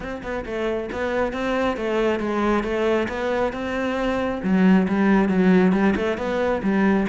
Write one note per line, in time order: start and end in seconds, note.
0.00 0.21 C4
0.22 0.44 B3
0.45 0.89 A3
0.91 1.32 B3
1.32 1.76 C4
1.76 2.19 A3
2.19 2.63 G#3
2.63 3.07 A3
3.08 3.52 B3
3.53 4.41 C4
4.43 4.87 F#3
4.87 5.28 G3
5.28 5.72 F#3
5.72 5.94 G3
5.96 6.17 A3
6.17 6.61 B3
6.62 7.06 G3